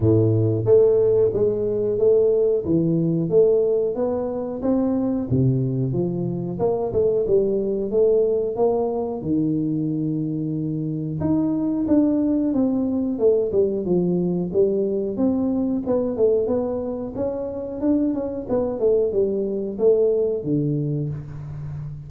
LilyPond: \new Staff \with { instrumentName = "tuba" } { \time 4/4 \tempo 4 = 91 a,4 a4 gis4 a4 | e4 a4 b4 c'4 | c4 f4 ais8 a8 g4 | a4 ais4 dis2~ |
dis4 dis'4 d'4 c'4 | a8 g8 f4 g4 c'4 | b8 a8 b4 cis'4 d'8 cis'8 | b8 a8 g4 a4 d4 | }